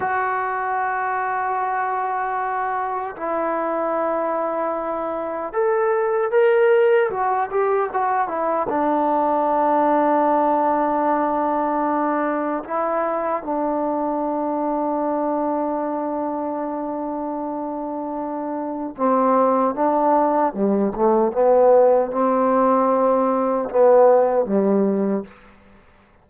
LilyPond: \new Staff \with { instrumentName = "trombone" } { \time 4/4 \tempo 4 = 76 fis'1 | e'2. a'4 | ais'4 fis'8 g'8 fis'8 e'8 d'4~ | d'1 |
e'4 d'2.~ | d'1 | c'4 d'4 g8 a8 b4 | c'2 b4 g4 | }